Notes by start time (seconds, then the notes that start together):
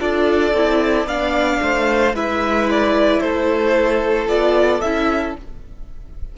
0.00 D4 F4 A4 D5
0.53 C4 E4
1.07 B3 D4 D5 F5
1.62 A3 C5
2.14 G#3 E4 B4 E5
2.71 D5
3.21 A3 A4 C5
4.28 B3 F4 D5
4.81 C#4 E4 E5